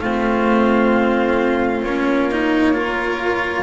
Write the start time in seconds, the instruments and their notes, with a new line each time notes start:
0.00 double bass A3, cello C4, violin F4, flute F5
1.82 double bass A#3, cello C#4, flute C#5
2.31 cello D#4
2.74 cello F4, violin A#4